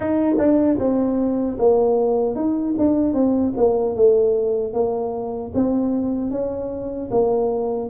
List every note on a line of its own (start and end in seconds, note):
0.00 0.36 D#4
0.38 0.78 D4
0.78 1.57 C4
1.59 2.35 A#3
2.35 2.75 D#4
2.78 3.13 D4
3.13 3.53 C4
3.57 3.95 A#3
3.95 4.73 A3
4.73 5.52 A#3
5.54 6.31 C4
6.31 7.09 C#4
7.11 7.89 A#3